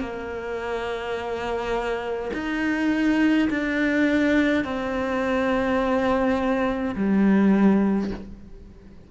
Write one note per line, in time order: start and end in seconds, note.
0.00 2.31 A#3
2.33 3.48 D#4
3.49 4.64 D4
4.64 6.94 C4
6.95 8.10 G3